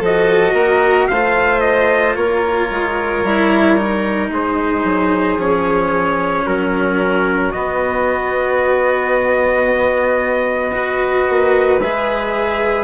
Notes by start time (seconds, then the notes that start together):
0.00 F3 F#4 A4 D#5
0.53 A#3 A#4
1.07 A3 C5 F5
1.14 F4
1.60 D#5
2.15 A#3 A#4 C#5
2.70 G#3
3.23 G3 E4
3.77 D#4
4.29 G#3 G#4 C5
4.84 F#3
5.37 F3 C#4 C#5
6.45 F#3 F#4 A#4
7.51 B3 D#5
10.71 F#4 B4
11.29 A#3
11.80 G#3 G#4 E5